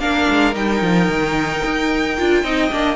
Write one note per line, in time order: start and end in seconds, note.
0.00 0.27 A#3
0.00 0.54 D4
0.00 2.44 A#4
0.00 0.55 F5
0.30 0.56 G#3
0.54 0.82 G3
0.54 2.16 D#4
0.54 2.96 G5
0.82 1.08 F3
1.08 1.62 D#3
1.65 2.19 D#4
2.18 2.43 D4
2.18 2.44 F4
2.43 2.70 C4
2.43 2.71 D#4
2.43 2.96 D#5
2.72 2.96 A#3
2.72 2.96 D4